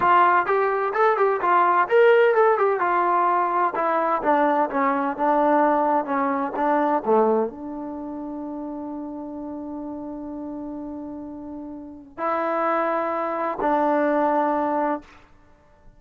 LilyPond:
\new Staff \with { instrumentName = "trombone" } { \time 4/4 \tempo 4 = 128 f'4 g'4 a'8 g'8 f'4 | ais'4 a'8 g'8 f'2 | e'4 d'4 cis'4 d'4~ | d'4 cis'4 d'4 a4 |
d'1~ | d'1~ | d'2 e'2~ | e'4 d'2. | }